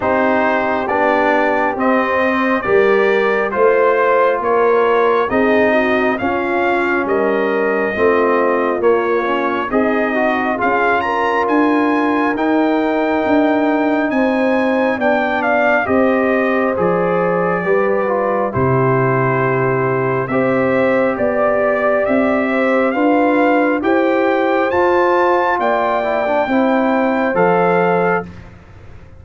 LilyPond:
<<
  \new Staff \with { instrumentName = "trumpet" } { \time 4/4 \tempo 4 = 68 c''4 d''4 dis''4 d''4 | c''4 cis''4 dis''4 f''4 | dis''2 cis''4 dis''4 | f''8 ais''8 gis''4 g''2 |
gis''4 g''8 f''8 dis''4 d''4~ | d''4 c''2 e''4 | d''4 e''4 f''4 g''4 | a''4 g''2 f''4 | }
  \new Staff \with { instrumentName = "horn" } { \time 4/4 g'2~ g'8 c''8 ais'4 | c''4 ais'4 gis'8 fis'8 f'4 | ais'4 f'2 dis'4 | gis'8 ais'2.~ ais'8 |
c''4 d''4 c''2 | b'4 g'2 c''4 | d''4. c''8 b'4 c''4~ | c''4 d''4 c''2 | }
  \new Staff \with { instrumentName = "trombone" } { \time 4/4 dis'4 d'4 c'4 g'4 | f'2 dis'4 cis'4~ | cis'4 c'4 ais8 cis'8 gis'8 fis'8 | f'2 dis'2~ |
dis'4 d'4 g'4 gis'4 | g'8 f'8 e'2 g'4~ | g'2 f'4 g'4 | f'4. e'16 d'16 e'4 a'4 | }
  \new Staff \with { instrumentName = "tuba" } { \time 4/4 c'4 b4 c'4 g4 | a4 ais4 c'4 cis'4 | g4 a4 ais4 c'4 | cis'4 d'4 dis'4 d'4 |
c'4 b4 c'4 f4 | g4 c2 c'4 | b4 c'4 d'4 e'4 | f'4 ais4 c'4 f4 | }
>>